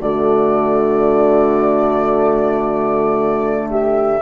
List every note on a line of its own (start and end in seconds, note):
0.00 4.21 D3
0.00 4.22 A3
0.00 3.70 F#4
0.00 3.70 D5
3.70 4.22 G4
3.70 4.22 E5